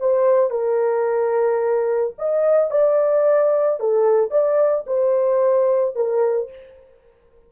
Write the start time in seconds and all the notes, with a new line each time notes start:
0.00 C5
0.50 A#4
2.18 D#5
2.71 D5
3.80 A4
4.31 D5
4.87 C5
5.96 A#4